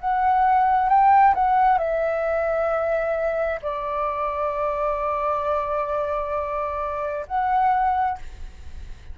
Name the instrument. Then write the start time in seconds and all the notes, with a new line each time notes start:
flute
0.00 F#5
0.89 G5
1.35 F#5
1.78 E5
3.62 D5
7.27 F#5